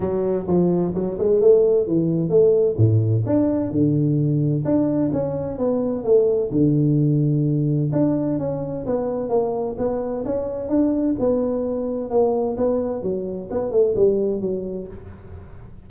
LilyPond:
\new Staff \with { instrumentName = "tuba" } { \time 4/4 \tempo 4 = 129 fis4 f4 fis8 gis8 a4 | e4 a4 a,4 d'4 | d2 d'4 cis'4 | b4 a4 d2~ |
d4 d'4 cis'4 b4 | ais4 b4 cis'4 d'4 | b2 ais4 b4 | fis4 b8 a8 g4 fis4 | }